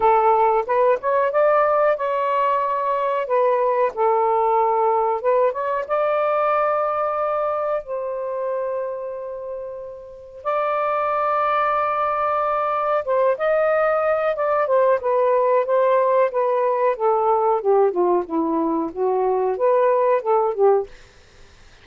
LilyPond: \new Staff \with { instrumentName = "saxophone" } { \time 4/4 \tempo 4 = 92 a'4 b'8 cis''8 d''4 cis''4~ | cis''4 b'4 a'2 | b'8 cis''8 d''2. | c''1 |
d''1 | c''8 dis''4. d''8 c''8 b'4 | c''4 b'4 a'4 g'8 f'8 | e'4 fis'4 b'4 a'8 g'8 | }